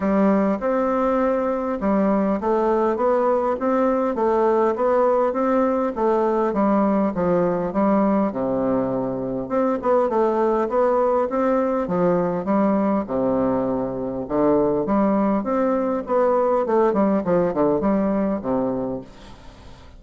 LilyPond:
\new Staff \with { instrumentName = "bassoon" } { \time 4/4 \tempo 4 = 101 g4 c'2 g4 | a4 b4 c'4 a4 | b4 c'4 a4 g4 | f4 g4 c2 |
c'8 b8 a4 b4 c'4 | f4 g4 c2 | d4 g4 c'4 b4 | a8 g8 f8 d8 g4 c4 | }